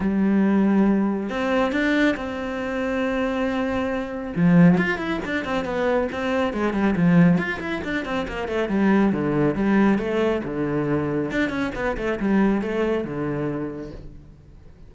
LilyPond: \new Staff \with { instrumentName = "cello" } { \time 4/4 \tempo 4 = 138 g2. c'4 | d'4 c'2.~ | c'2 f4 f'8 e'8 | d'8 c'8 b4 c'4 gis8 g8 |
f4 f'8 e'8 d'8 c'8 ais8 a8 | g4 d4 g4 a4 | d2 d'8 cis'8 b8 a8 | g4 a4 d2 | }